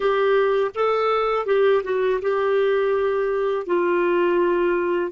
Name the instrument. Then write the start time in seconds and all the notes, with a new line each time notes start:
clarinet
0.00 G4
0.75 A4
1.46 G4
1.83 F#4
2.22 G4
3.66 F4